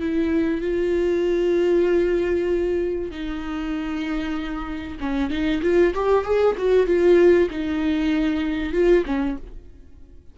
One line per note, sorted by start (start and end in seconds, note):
0.00 0.61 E4
0.61 3.11 F4
3.11 4.98 D#4
5.00 5.30 C#4
5.30 5.61 D#4
5.62 5.94 F4
5.94 6.25 G4
6.25 6.56 G#4
6.58 6.87 F#4
6.87 7.49 F4
7.50 8.73 D#4
8.73 9.04 F4
9.06 9.37 C#4